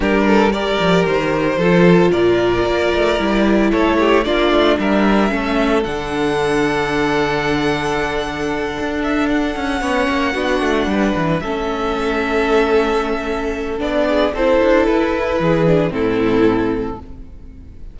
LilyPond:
<<
  \new Staff \with { instrumentName = "violin" } { \time 4/4 \tempo 4 = 113 ais'4 d''4 c''2 | d''2. cis''4 | d''4 e''2 fis''4~ | fis''1~ |
fis''4 e''8 fis''2~ fis''8~ | fis''4. e''2~ e''8~ | e''2 d''4 c''4 | b'2 a'2 | }
  \new Staff \with { instrumentName = "violin" } { \time 4/4 g'8 a'8 ais'2 a'4 | ais'2. a'8 g'8 | f'4 ais'4 a'2~ | a'1~ |
a'2~ a'8 cis''4 fis'8~ | fis'8 b'4 a'2~ a'8~ | a'2~ a'8 gis'8 a'4~ | a'4 gis'4 e'2 | }
  \new Staff \with { instrumentName = "viola" } { \time 4/4 d'4 g'2 f'4~ | f'2 e'2 | d'2 cis'4 d'4~ | d'1~ |
d'2~ d'8 cis'4 d'8~ | d'4. cis'2~ cis'8~ | cis'2 d'4 e'4~ | e'4. d'8 c'2 | }
  \new Staff \with { instrumentName = "cello" } { \time 4/4 g4. f8 dis4 f4 | ais,4 ais8 a8 g4 a4 | ais8 a8 g4 a4 d4~ | d1~ |
d8 d'4. cis'8 b8 ais8 b8 | a8 g8 e8 a2~ a8~ | a2 b4 c'8 d'8 | e'4 e4 a,2 | }
>>